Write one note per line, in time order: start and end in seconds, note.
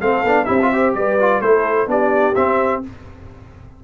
0.00 0.24 A3
0.00 0.25 C4
0.00 0.45 A4
0.00 0.45 F5
0.24 0.48 B3
0.24 0.46 D4
0.45 0.94 C4
0.45 0.58 E4
0.45 0.69 G4
0.45 0.92 E5
0.62 0.73 F4
0.73 1.20 G4
0.73 0.96 C5
0.94 1.41 G3
0.94 1.43 B4
0.94 1.41 D5
1.20 1.43 F4
1.41 1.87 A3
1.41 1.88 E4
1.41 1.90 A4
1.41 1.88 C5
1.87 2.35 B3
1.87 2.35 D4
1.87 2.84 G4
1.87 2.35 D5
2.35 2.84 C4
2.35 2.83 E5